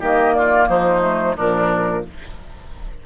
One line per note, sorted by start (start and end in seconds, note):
0.00 0.69 D#3
0.00 1.02 A#3
0.00 0.34 G4
0.00 0.35 D#5
0.35 0.69 F4
0.35 0.68 D5
0.69 1.36 F3
0.69 1.36 D#4
0.69 1.37 C5
1.02 1.35 A3
1.37 2.05 A#2
1.37 2.04 F3
1.37 2.04 D4
1.37 2.06 A#4